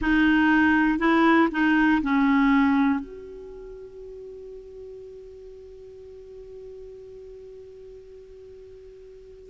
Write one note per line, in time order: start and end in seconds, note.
0.00 0.98 D#4
0.98 1.48 E4
1.51 2.01 D#4
2.01 3.00 C#4
3.00 9.50 F#4